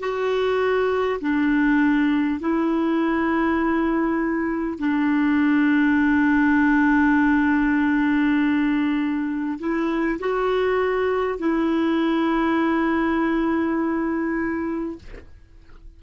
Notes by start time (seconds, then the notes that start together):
0.00 F#4
1.21 D4
2.41 E4
4.79 D4
9.59 E4
10.19 F#4
11.39 E4